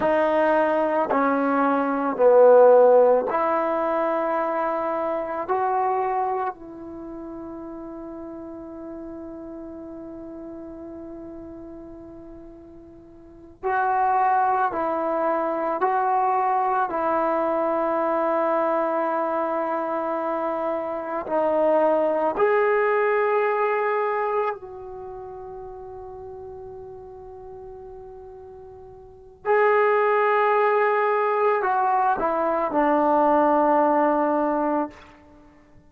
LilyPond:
\new Staff \with { instrumentName = "trombone" } { \time 4/4 \tempo 4 = 55 dis'4 cis'4 b4 e'4~ | e'4 fis'4 e'2~ | e'1~ | e'8 fis'4 e'4 fis'4 e'8~ |
e'2.~ e'8 dis'8~ | dis'8 gis'2 fis'4.~ | fis'2. gis'4~ | gis'4 fis'8 e'8 d'2 | }